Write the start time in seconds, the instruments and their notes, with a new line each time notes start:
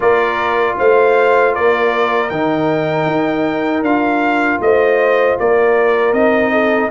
0.00 tuba A#3, trombone F4, horn A#4, trumpet D5
0.78 tuba A3, horn C5, trumpet F5
1.54 tuba A#3, horn A#4, trumpet D5
2.29 tuba D#3, trombone D#4, trumpet G5
3.06 tuba D#4
3.82 tuba D4, trombone F4, trumpet F5
4.59 tuba A3, horn C5, trumpet D#5
5.39 tuba A#3, horn A#4, trumpet D5
6.12 tuba C4, trombone D#4, trumpet D#5
6.51 horn A4